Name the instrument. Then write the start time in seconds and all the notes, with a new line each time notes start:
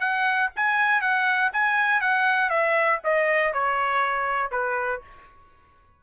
trumpet
0.00 F#5
0.56 G#5
1.01 F#5
1.53 G#5
2.01 F#5
2.50 E5
3.04 D#5
3.53 C#5
4.51 B4